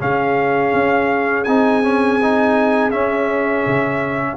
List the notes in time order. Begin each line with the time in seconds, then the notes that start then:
0.00 C#3 C#4 G#4 F5
0.73 C#4
1.44 C4 D#4 G#5
1.84 C#4
2.23 D#4
2.91 C#4 E5
3.67 C#3